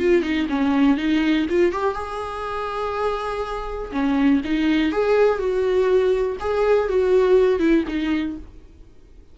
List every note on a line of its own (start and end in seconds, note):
0.00 0.23 F4
0.23 0.47 D#4
0.49 0.98 C#4
0.98 1.47 D#4
1.50 1.72 F4
1.72 1.95 G4
1.95 3.92 G#4
3.92 4.42 C#4
4.45 4.92 D#4
4.92 5.39 G#4
5.39 6.37 F#4
6.40 6.89 G#4
6.89 7.60 F#4
7.60 7.84 E4
7.88 8.37 D#4